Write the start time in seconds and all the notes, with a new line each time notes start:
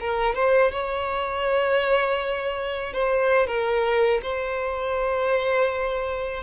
0.00 A#4
0.35 C5
0.71 C#5
2.93 C5
3.46 A#4
4.22 C5